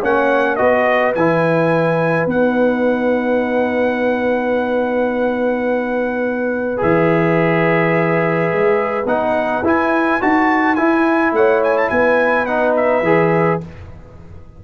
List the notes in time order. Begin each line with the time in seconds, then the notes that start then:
0.00 A#3 C#4 C#5 F#5
0.56 B3 F#4 B4 D#5
1.15 E3 E4 G#5
2.26 B3 D#4 F#5
6.77 E3 G#4 E5
8.52 G#3
9.05 B3 D#4 F#5
9.62 E4 G#5
10.21 D#4 F#4 A5
10.75 E4 G#5
11.32 A3 C#5 F#5
11.63 G#5
11.77 A5
11.89 B3 B4 G#5
12.45 D#4 F#5
12.76 E5
13.02 E3 G#4